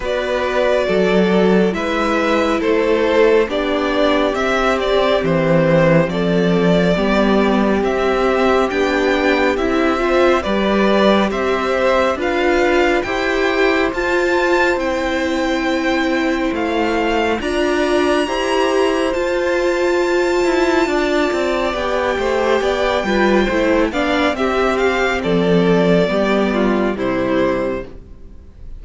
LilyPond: <<
  \new Staff \with { instrumentName = "violin" } { \time 4/4 \tempo 4 = 69 d''2 e''4 c''4 | d''4 e''8 d''8 c''4 d''4~ | d''4 e''4 g''4 e''4 | d''4 e''4 f''4 g''4 |
a''4 g''2 f''4 | ais''2 a''2~ | a''4 g''2~ g''8 f''8 | e''8 f''8 d''2 c''4 | }
  \new Staff \with { instrumentName = "violin" } { \time 4/4 b'4 a'4 b'4 a'4 | g'2. a'4 | g'2.~ g'8 c''8 | b'4 c''4 b'4 c''4~ |
c''1 | d''4 c''2. | d''4. c''8 d''8 b'8 c''8 d''8 | g'4 a'4 g'8 f'8 e'4 | }
  \new Staff \with { instrumentName = "viola" } { \time 4/4 fis'2 e'2 | d'4 c'2. | b4 c'4 d'4 e'8 f'8 | g'2 f'4 g'4 |
f'4 e'2. | f'4 g'4 f'2~ | f'4 g'4. f'8 e'8 d'8 | c'2 b4 g4 | }
  \new Staff \with { instrumentName = "cello" } { \time 4/4 b4 fis4 gis4 a4 | b4 c'4 e4 f4 | g4 c'4 b4 c'4 | g4 c'4 d'4 e'4 |
f'4 c'2 a4 | d'4 e'4 f'4. e'8 | d'8 c'8 b8 a8 b8 g8 a8 b8 | c'4 f4 g4 c4 | }
>>